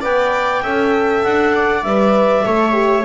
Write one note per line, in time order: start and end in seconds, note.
0.00 0.62 B3
0.00 0.63 B4
0.00 0.61 D5
0.00 1.23 G5
0.62 1.23 C#4
0.62 1.84 A4
0.62 1.53 E5
1.23 1.83 D4
1.23 1.83 F#5
1.55 2.45 D5
1.83 2.44 G3
1.83 2.45 B4
1.83 3.04 E5
2.45 3.04 A3
2.45 2.72 A4
2.45 3.04 C#5
2.72 3.02 G4